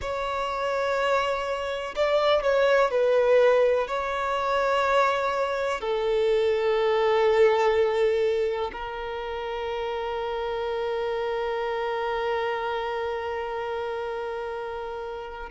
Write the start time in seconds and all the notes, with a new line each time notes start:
0.01 C#5
1.95 D5
2.42 C#5
2.90 B4
3.87 C#5
5.81 A4
8.72 A#4